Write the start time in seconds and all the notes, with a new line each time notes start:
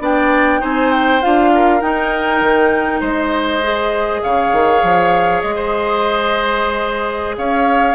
0.00 B3 D4 D5 G5
0.60 C4 D#4 C5 G#5
0.92 G5
1.23 D4 F4 F5
1.55 A#4
1.81 D#4 G5
2.41 D#3
3.00 G#3 C5 D#5
3.62 G#4
4.22 C#3 C#5 F5
4.52 D#3
4.83 F3
5.41 G#3 D#5
5.55 C5
7.38 C#4 C#5 F5